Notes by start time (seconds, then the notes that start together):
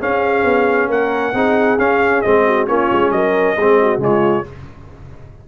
0.00 C#4 G#4 F5
0.44 B3
0.88 A#3 A#4 F#5
1.33 C4 D#4 G#4
1.78 C#4 F5
2.21 G#3 C4 D#5
2.46 F#4
2.67 A#3 C#4 F4 C#5
2.92 G#3
3.11 F#3 A#4 D#5
3.56 G#3 C4 G#4
3.82 F#4
3.97 C#3 G#3 F4 C#5